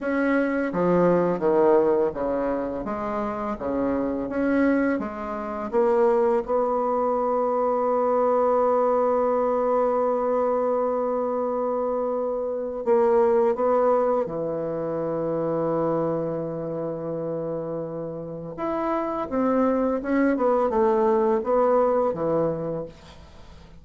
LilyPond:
\new Staff \with { instrumentName = "bassoon" } { \time 4/4 \tempo 4 = 84 cis'4 f4 dis4 cis4 | gis4 cis4 cis'4 gis4 | ais4 b2.~ | b1~ |
b2 ais4 b4 | e1~ | e2 e'4 c'4 | cis'8 b8 a4 b4 e4 | }